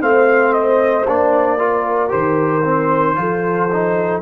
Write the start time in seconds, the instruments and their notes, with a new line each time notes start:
0.00 tuba A3, trombone C4, horn C5, trumpet F5
0.52 trumpet D#5
1.07 tuba A#3, trombone D4, trumpet D5
1.58 trombone F4, horn A#4
2.08 tuba D#3, trombone G4, trumpet C5
2.64 trombone C4
3.15 tuba F3, trombone F4, horn A4
3.72 trombone D#4